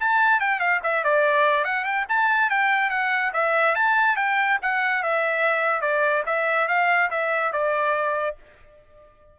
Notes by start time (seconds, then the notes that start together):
0.00 A5
0.40 G5
0.60 F5
0.83 E5
1.04 D5
1.64 F#5
1.85 G5
2.09 A5
2.50 G5
2.90 F#5
3.33 E5
3.75 A5
4.16 G5
4.62 F#5
5.03 E5
5.81 D5
6.26 E5
6.68 F5
7.10 E5
7.52 D5